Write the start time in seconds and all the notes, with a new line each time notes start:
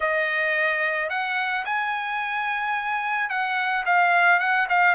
0.00 D#5
1.09 F#5
1.65 G#5
3.29 F#5
3.85 F5
4.39 F#5
4.69 F5